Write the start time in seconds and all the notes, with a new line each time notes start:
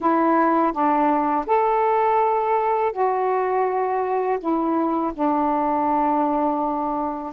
0.00 E4
0.72 D4
1.46 A4
2.92 F#4
4.39 E4
5.13 D4